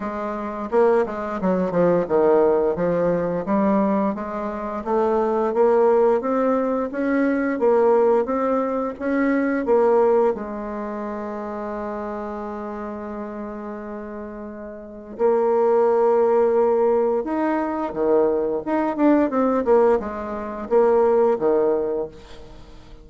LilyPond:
\new Staff \with { instrumentName = "bassoon" } { \time 4/4 \tempo 4 = 87 gis4 ais8 gis8 fis8 f8 dis4 | f4 g4 gis4 a4 | ais4 c'4 cis'4 ais4 | c'4 cis'4 ais4 gis4~ |
gis1~ | gis2 ais2~ | ais4 dis'4 dis4 dis'8 d'8 | c'8 ais8 gis4 ais4 dis4 | }